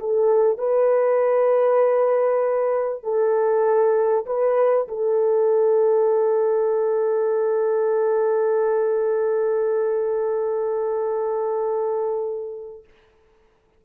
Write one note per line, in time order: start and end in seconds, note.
0.00 0.59 A4
0.59 3.04 B4
3.04 4.26 A4
4.27 4.88 B4
4.89 12.85 A4